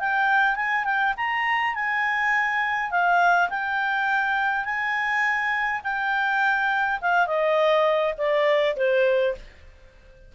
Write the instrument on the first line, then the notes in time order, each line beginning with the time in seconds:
clarinet
0.00 G5
0.56 G#5
0.85 G5
1.17 A#5
1.75 G#5
2.91 F5
3.50 G5
4.65 G#5
5.84 G5
7.01 F5
7.27 D#5
8.18 D5
8.77 C5